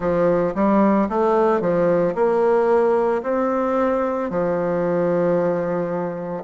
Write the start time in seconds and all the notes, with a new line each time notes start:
0.00 F3
0.54 G3
1.09 A3
1.61 F3
2.14 A#3
3.22 C4
4.30 F3